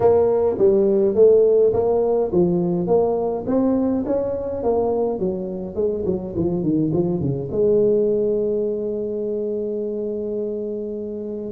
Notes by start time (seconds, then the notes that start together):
0.00 A#3
0.58 G3
1.15 A3
1.73 A#3
2.32 F3
2.87 A#3
3.46 C4
4.05 C#4
4.63 A#3
5.19 F#3
5.75 G#3
6.05 F#3
6.36 F3
6.62 D#3
6.93 F3
7.20 C#3
7.51 G#3